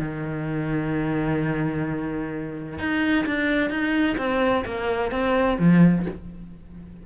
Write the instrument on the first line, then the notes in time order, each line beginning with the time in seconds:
cello
0.00 D#3
2.79 D#4
3.26 D4
3.70 D#4
4.18 C4
4.66 A#3
5.12 C4
5.59 F3